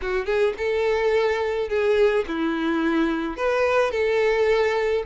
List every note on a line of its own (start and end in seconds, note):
0.01 0.25 F#4
0.25 0.53 G#4
0.57 1.68 A4
1.68 2.25 G#4
2.27 3.36 E4
3.36 3.91 B4
3.91 5.03 A4